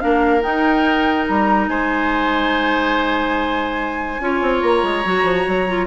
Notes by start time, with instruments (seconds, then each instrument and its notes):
0.00 bassoon A#3, clarinet D4, oboe A#4, flute F5
0.41 clarinet D#4, bassoon D#4, flute G5
1.27 bassoon G3, flute A#5
1.68 bassoon G#3, oboe C5, flute G#5
4.20 bassoon C#4, clarinet F4, oboe C#5
4.42 bassoon C4
4.61 bassoon A#3, flute A#5
4.83 bassoon G#3
5.04 bassoon F#3, clarinet F#4
5.24 bassoon F3
5.48 bassoon F#3
5.68 clarinet F4